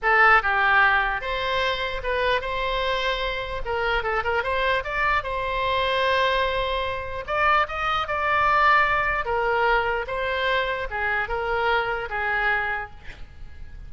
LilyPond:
\new Staff \with { instrumentName = "oboe" } { \time 4/4 \tempo 4 = 149 a'4 g'2 c''4~ | c''4 b'4 c''2~ | c''4 ais'4 a'8 ais'8 c''4 | d''4 c''2.~ |
c''2 d''4 dis''4 | d''2. ais'4~ | ais'4 c''2 gis'4 | ais'2 gis'2 | }